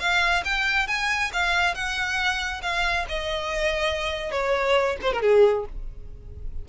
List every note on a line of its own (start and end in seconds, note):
0.00 0.43 F5
0.45 0.88 G5
0.88 1.31 G#5
1.33 1.75 F5
1.75 2.62 F#5
2.62 3.06 F5
3.09 4.32 D#5
4.32 4.97 C#5
5.02 5.13 C5
5.13 5.22 A#4
5.22 5.66 G#4